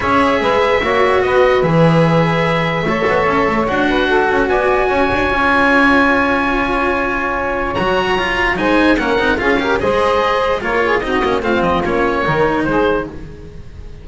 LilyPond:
<<
  \new Staff \with { instrumentName = "oboe" } { \time 4/4 \tempo 4 = 147 e''2. dis''4 | e''1~ | e''4 fis''2 gis''4~ | gis''1~ |
gis''2. ais''4~ | ais''4 gis''4 fis''4 f''4 | dis''2 cis''4 dis''4 | f''8 dis''8 cis''2 c''4 | }
  \new Staff \with { instrumentName = "saxophone" } { \time 4/4 cis''4 b'4 cis''4 b'4~ | b'2. cis''4~ | cis''4. b'8 a'4 d''4 | cis''1~ |
cis''1~ | cis''4 c''4 ais'4 gis'8 ais'8 | c''2 ais'8 gis'8 fis'4 | f'2 ais'4 gis'4 | }
  \new Staff \with { instrumentName = "cello" } { \time 4/4 gis'2 fis'2 | gis'2. a'4~ | a'4 fis'2.~ | fis'4 f'2.~ |
f'2. fis'4 | f'4 dis'4 cis'8 dis'8 f'8 g'8 | gis'2 f'4 dis'8 cis'8 | c'4 cis'4 dis'2 | }
  \new Staff \with { instrumentName = "double bass" } { \time 4/4 cis'4 gis4 ais4 b4 | e2. a8 b8 | cis'8 a8 d'4. cis'8 b4 | cis'8 d'8 cis'2.~ |
cis'2. fis4~ | fis4 gis4 ais8 c'8 cis'4 | gis2 ais4 c'8 ais8 | a8 f8 ais4 dis4 gis4 | }
>>